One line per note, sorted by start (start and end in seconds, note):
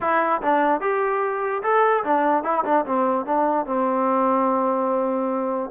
0.00 0.41 E4
0.42 0.80 D4
0.80 1.62 G4
1.62 2.03 A4
2.04 2.43 D4
2.43 2.63 E4
2.65 2.85 D4
2.85 3.25 C4
3.25 3.66 D4
3.66 5.70 C4